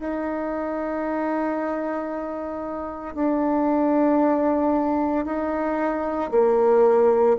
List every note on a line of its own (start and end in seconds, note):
0.00 3.15 D#4
3.15 5.26 D4
5.26 6.31 D#4
6.32 7.37 A#3